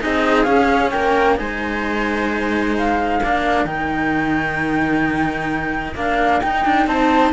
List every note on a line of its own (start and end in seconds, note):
0.00 0.46 C4
0.00 0.45 D#4
0.00 0.92 G#4
0.00 0.43 D#5
0.43 1.36 C#4
0.43 0.92 C#4
0.43 0.89 F5
0.90 1.39 A#3
0.90 1.38 A#4
0.90 1.36 G5
1.36 3.22 G#3
1.36 3.19 D#4
1.36 3.21 C5
1.36 2.75 G#5
2.77 3.65 F5
3.21 3.64 A#3
3.21 3.66 D4
3.21 6.87 A#4
3.64 5.93 D#3
3.64 5.95 D#4
3.64 5.94 G5
5.94 6.40 A#3
5.94 6.42 D4
5.94 6.41 F5
6.41 7.33 D#4
6.41 6.65 D#4
6.41 6.86 G5
6.65 6.86 D4
6.86 7.32 C4
6.86 7.33 C5
6.86 7.33 A5